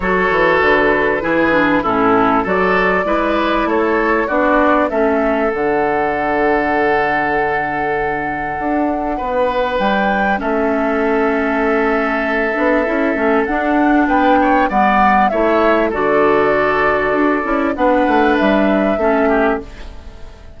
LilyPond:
<<
  \new Staff \with { instrumentName = "flute" } { \time 4/4 \tempo 4 = 98 cis''4 b'2 a'4 | d''2 cis''4 d''4 | e''4 fis''2.~ | fis''1 |
g''4 e''2.~ | e''2 fis''4 g''4 | fis''4 e''4 d''2~ | d''4 fis''4 e''2 | }
  \new Staff \with { instrumentName = "oboe" } { \time 4/4 a'2 gis'4 e'4 | a'4 b'4 a'4 fis'4 | a'1~ | a'2. b'4~ |
b'4 a'2.~ | a'2. b'8 cis''8 | d''4 cis''4 a'2~ | a'4 b'2 a'8 g'8 | }
  \new Staff \with { instrumentName = "clarinet" } { \time 4/4 fis'2 e'8 d'8 cis'4 | fis'4 e'2 d'4 | cis'4 d'2.~ | d'1~ |
d'4 cis'2.~ | cis'8 d'8 e'8 cis'8 d'2 | b4 e'4 fis'2~ | fis'8 e'8 d'2 cis'4 | }
  \new Staff \with { instrumentName = "bassoon" } { \time 4/4 fis8 e8 d4 e4 a,4 | fis4 gis4 a4 b4 | a4 d2.~ | d2 d'4 b4 |
g4 a2.~ | a8 b8 cis'8 a8 d'4 b4 | g4 a4 d2 | d'8 cis'8 b8 a8 g4 a4 | }
>>